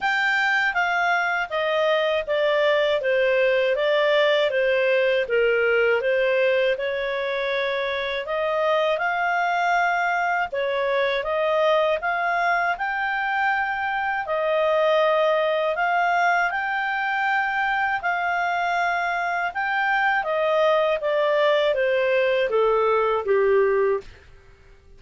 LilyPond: \new Staff \with { instrumentName = "clarinet" } { \time 4/4 \tempo 4 = 80 g''4 f''4 dis''4 d''4 | c''4 d''4 c''4 ais'4 | c''4 cis''2 dis''4 | f''2 cis''4 dis''4 |
f''4 g''2 dis''4~ | dis''4 f''4 g''2 | f''2 g''4 dis''4 | d''4 c''4 a'4 g'4 | }